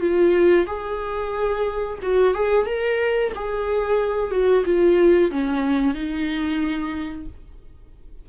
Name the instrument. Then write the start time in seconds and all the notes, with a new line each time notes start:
viola
0.00 F4
0.67 G#4
2.02 F#4
2.34 G#4
2.66 A#4
3.35 G#4
4.31 F#4
4.65 F4
5.31 C#4
5.94 D#4